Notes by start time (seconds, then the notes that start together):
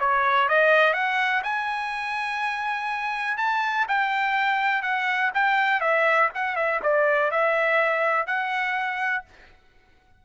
0.00 C#5
0.49 D#5
0.94 F#5
1.43 G#5
3.37 A5
3.88 G5
4.82 F#5
5.34 G5
5.80 E5
6.35 F#5
6.56 E5
6.83 D5
7.31 E5
8.27 F#5